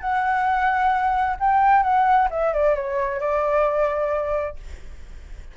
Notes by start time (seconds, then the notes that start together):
0.00 F#5
1.39 G5
1.82 F#5
2.30 E5
2.53 D5
2.75 C#5
3.20 D5